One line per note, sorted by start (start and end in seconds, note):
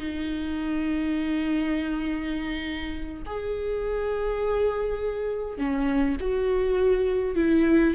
0.00 3.24 D#4
3.26 5.58 G#4
5.58 6.17 C#4
6.21 7.36 F#4
7.36 7.95 E4